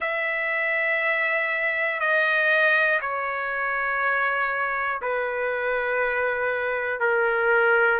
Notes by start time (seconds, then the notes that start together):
0.00 E5
2.00 D#5
3.01 C#5
5.01 B4
7.00 A#4